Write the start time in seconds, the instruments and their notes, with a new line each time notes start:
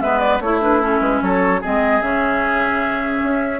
0.00 bassoon G#3, clarinet B3, oboe B4, flute E5
0.19 flute D5
0.40 bassoon A3, clarinet E4, oboe E4, flute C#5
0.61 clarinet D4, flute B4
0.80 clarinet C#4, flute A4
1.00 bassoon G#3, flute B4
1.21 bassoon F#3, oboe A4, flute C#5
1.61 bassoon G#3, clarinet C4, oboe G#4, flute D#5
2.01 bassoon C#3, clarinet C#4, flute E5
3.23 bassoon C#4